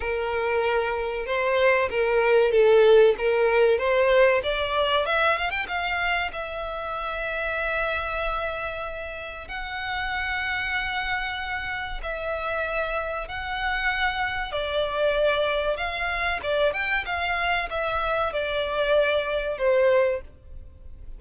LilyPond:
\new Staff \with { instrumentName = "violin" } { \time 4/4 \tempo 4 = 95 ais'2 c''4 ais'4 | a'4 ais'4 c''4 d''4 | e''8 f''16 g''16 f''4 e''2~ | e''2. fis''4~ |
fis''2. e''4~ | e''4 fis''2 d''4~ | d''4 f''4 d''8 g''8 f''4 | e''4 d''2 c''4 | }